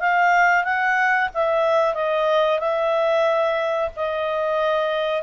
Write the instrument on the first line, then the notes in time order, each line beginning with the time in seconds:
clarinet
0.00 F5
0.64 F#5
1.34 E5
1.94 D#5
2.59 E5
3.96 D#5